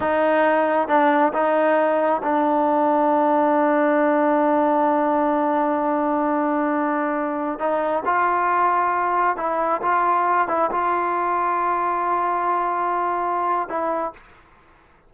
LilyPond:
\new Staff \with { instrumentName = "trombone" } { \time 4/4 \tempo 4 = 136 dis'2 d'4 dis'4~ | dis'4 d'2.~ | d'1~ | d'1~ |
d'4~ d'16 dis'4 f'4.~ f'16~ | f'4~ f'16 e'4 f'4. e'16~ | e'16 f'2.~ f'8.~ | f'2. e'4 | }